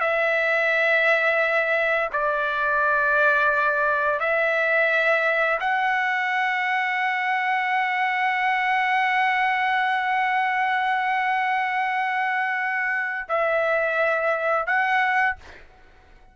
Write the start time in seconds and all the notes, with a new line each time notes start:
0.00 E5
2.12 D5
4.20 E5
5.60 F#5
13.28 E5
14.66 F#5